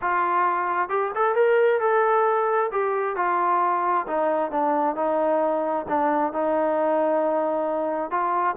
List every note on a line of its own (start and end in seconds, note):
0.01 0.89 F4
0.89 1.11 G4
1.15 1.35 A4
1.35 1.80 A#4
1.80 2.70 A4
2.71 3.16 G4
3.16 4.06 F4
4.07 4.51 D#4
4.51 4.95 D4
4.95 5.85 D#4
5.88 6.33 D4
6.33 8.10 D#4
8.10 8.55 F4